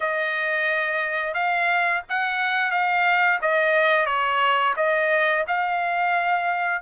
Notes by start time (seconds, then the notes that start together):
0.00 D#5
1.34 F5
2.09 F#5
2.71 F5
3.41 D#5
4.06 C#5
4.76 D#5
5.47 F5